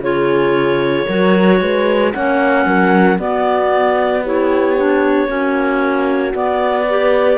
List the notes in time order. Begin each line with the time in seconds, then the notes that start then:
0.00 C#3 F4 G#4 C#5
1.06 F#3 F#4 A#4
1.61 G#3 B4
2.14 A#3 C#4 C#5 F#5
2.66 F#3 A#4
3.19 B3 F#4 D5
4.23 E4 G4 C#5
4.77 D4
5.28 A#3 C#4 F#4
6.33 B3 D5
6.89 G4 B4